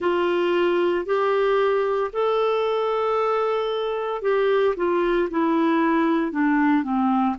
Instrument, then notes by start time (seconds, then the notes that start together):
clarinet
0.00 F4
1.05 G4
2.12 A4
4.22 G4
4.76 F4
5.30 E4
6.32 D4
6.83 C4